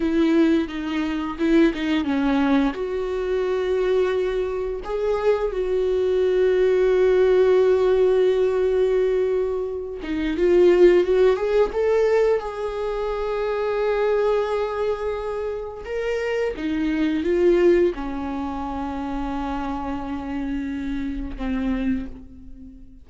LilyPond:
\new Staff \with { instrumentName = "viola" } { \time 4/4 \tempo 4 = 87 e'4 dis'4 e'8 dis'8 cis'4 | fis'2. gis'4 | fis'1~ | fis'2~ fis'8 dis'8 f'4 |
fis'8 gis'8 a'4 gis'2~ | gis'2. ais'4 | dis'4 f'4 cis'2~ | cis'2. c'4 | }